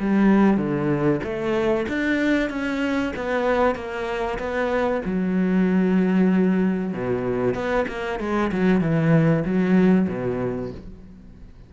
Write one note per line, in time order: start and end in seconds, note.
0.00 0.57 G3
0.57 1.21 D3
1.24 1.87 A3
1.89 2.50 D4
2.50 3.13 C#4
3.16 3.76 B3
3.76 4.39 A#3
4.39 5.02 B3
5.05 6.93 F#3
6.93 7.54 B2
7.54 7.86 B3
7.88 8.20 A#3
8.20 8.51 G#3
8.52 8.81 F#3
8.81 9.44 E3
9.45 10.08 F#3
10.09 10.72 B2